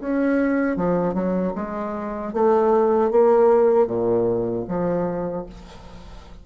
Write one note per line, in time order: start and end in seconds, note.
0.00 0.76 C#4
0.76 1.14 F3
1.14 1.53 F#3
1.55 2.33 G#3
2.33 3.11 A3
3.11 3.87 A#3
3.87 4.65 A#2
4.68 5.46 F3